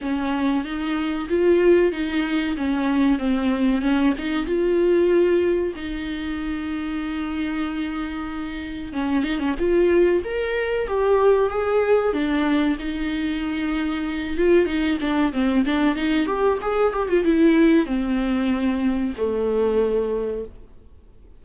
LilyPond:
\new Staff \with { instrumentName = "viola" } { \time 4/4 \tempo 4 = 94 cis'4 dis'4 f'4 dis'4 | cis'4 c'4 cis'8 dis'8 f'4~ | f'4 dis'2.~ | dis'2 cis'8 dis'16 cis'16 f'4 |
ais'4 g'4 gis'4 d'4 | dis'2~ dis'8 f'8 dis'8 d'8 | c'8 d'8 dis'8 g'8 gis'8 g'16 f'16 e'4 | c'2 a2 | }